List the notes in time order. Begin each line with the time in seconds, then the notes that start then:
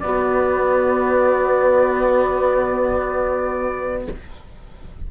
0.00 B3 F#4 D5